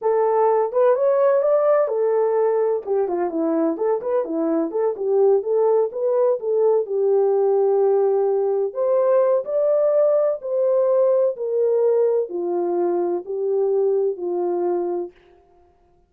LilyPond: \new Staff \with { instrumentName = "horn" } { \time 4/4 \tempo 4 = 127 a'4. b'8 cis''4 d''4 | a'2 g'8 f'8 e'4 | a'8 b'8 e'4 a'8 g'4 a'8~ | a'8 b'4 a'4 g'4.~ |
g'2~ g'8 c''4. | d''2 c''2 | ais'2 f'2 | g'2 f'2 | }